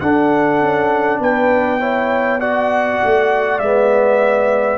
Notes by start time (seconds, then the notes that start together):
0.00 D4 A4 F#5
0.60 C#4
1.19 B3 B4 G5
1.80 E4 C#5
2.40 F#4 D5 F#5
3.03 A3
3.58 G#3 B3 E5